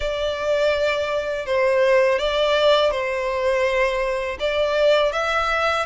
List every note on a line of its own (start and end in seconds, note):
0.00 1.46 D5
1.46 2.19 C5
2.19 2.91 D5
2.91 4.37 C5
4.39 5.12 D5
5.12 5.85 E5